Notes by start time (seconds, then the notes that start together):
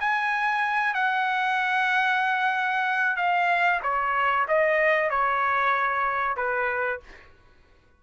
0.00 G#5
0.94 F#5
3.16 F5
3.82 C#5
4.48 D#5
5.09 C#5
6.36 B4